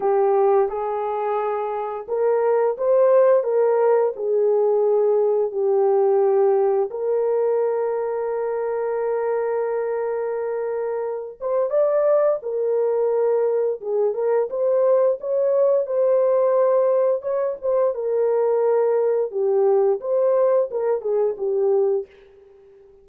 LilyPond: \new Staff \with { instrumentName = "horn" } { \time 4/4 \tempo 4 = 87 g'4 gis'2 ais'4 | c''4 ais'4 gis'2 | g'2 ais'2~ | ais'1~ |
ais'8 c''8 d''4 ais'2 | gis'8 ais'8 c''4 cis''4 c''4~ | c''4 cis''8 c''8 ais'2 | g'4 c''4 ais'8 gis'8 g'4 | }